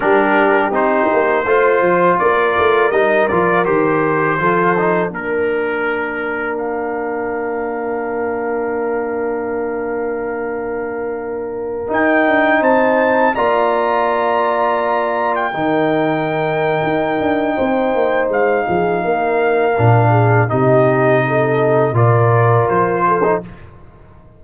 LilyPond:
<<
  \new Staff \with { instrumentName = "trumpet" } { \time 4/4 \tempo 4 = 82 ais'4 c''2 d''4 | dis''8 d''8 c''2 ais'4~ | ais'4 f''2.~ | f''1~ |
f''16 g''4 a''4 ais''4.~ ais''16~ | ais''4 g''2.~ | g''4 f''2. | dis''2 d''4 c''4 | }
  \new Staff \with { instrumentName = "horn" } { \time 4/4 g'2 c''4 ais'4~ | ais'2 a'4 ais'4~ | ais'1~ | ais'1~ |
ais'4~ ais'16 c''4 d''4.~ d''16~ | d''4~ d''16 ais'2~ ais'8. | c''4. gis'8 ais'4. gis'8 | g'4 a'4 ais'4. a'8 | }
  \new Staff \with { instrumentName = "trombone" } { \time 4/4 d'4 dis'4 f'2 | dis'8 f'8 g'4 f'8 dis'8 d'4~ | d'1~ | d'1~ |
d'16 dis'2 f'4.~ f'16~ | f'4~ f'16 dis'2~ dis'8.~ | dis'2. d'4 | dis'2 f'4.~ f'16 dis'16 | }
  \new Staff \with { instrumentName = "tuba" } { \time 4/4 g4 c'8 ais8 a8 f8 ais8 a8 | g8 f8 dis4 f4 ais4~ | ais1~ | ais1~ |
ais16 dis'8 d'8 c'4 ais4.~ ais16~ | ais4~ ais16 dis4.~ dis16 dis'8 d'8 | c'8 ais8 gis8 f8 ais4 ais,4 | c2 ais,4 f4 | }
>>